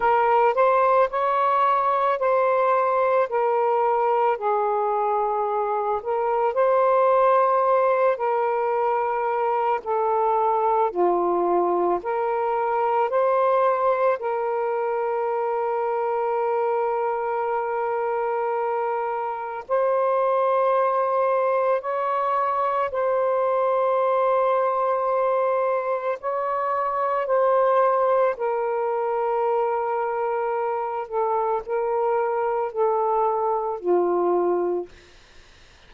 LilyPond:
\new Staff \with { instrumentName = "saxophone" } { \time 4/4 \tempo 4 = 55 ais'8 c''8 cis''4 c''4 ais'4 | gis'4. ais'8 c''4. ais'8~ | ais'4 a'4 f'4 ais'4 | c''4 ais'2.~ |
ais'2 c''2 | cis''4 c''2. | cis''4 c''4 ais'2~ | ais'8 a'8 ais'4 a'4 f'4 | }